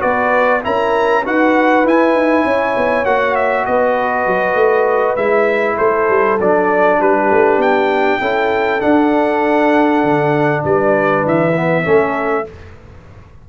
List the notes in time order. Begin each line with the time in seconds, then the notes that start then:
0.00 B3 F#4 B4 D5
0.64 C#4 E4 A#4 A#5
1.23 D#4 F#4 B4 F#5
1.86 E4 G#5
2.15 D#4
2.45 C#4 C#5
2.77 B3
3.05 A#3 F#4 F#5
3.36 E5
3.66 B3 B4 D#5
4.27 F#3
4.55 A3
5.17 G#3 E4 E5
5.77 A3 A4 C5
6.10 G3
6.41 F#3 D4 D5
7.00 G3 G4 B4
7.31 A3
7.58 B3 G5
8.21 C#4 E4 A4
8.80 D4 F#5
10.04 D3
10.65 G3 B4 D5
11.26 E3 E5
11.55 B3
11.84 A3 C#4 A4